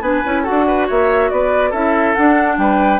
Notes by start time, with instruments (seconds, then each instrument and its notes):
0.00 bassoon B3, clarinet D4, oboe B4, flute G#5
0.25 bassoon C#4, clarinet E4
0.43 clarinet F#4, oboe A4, flute F#5
0.50 bassoon D4
0.67 oboe B4
0.87 bassoon A#3, oboe C#5, flute E5
1.30 bassoon B3, oboe B4, flute D5
1.70 bassoon C#4, clarinet E4, oboe A4, flute E5
2.14 clarinet D4, bassoon D4, flute F#5
2.57 bassoon G3, oboe B4, flute G5